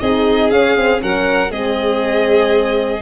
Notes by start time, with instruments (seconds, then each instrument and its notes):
0.00 tuba C4, horn D#4, violin G#4 D#5
0.51 tuba C#4, horn C#4, violin F5
0.77 horn C4
0.98 tuba F#3, horn C#4, violin A#4 F#5
1.51 tuba G#3, horn C4, violin G#4 D#5